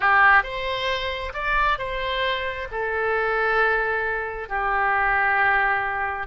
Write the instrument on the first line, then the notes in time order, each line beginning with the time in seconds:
oboe
0.00 G4
0.43 C5
1.33 D5
1.78 C5
2.71 A4
4.48 G4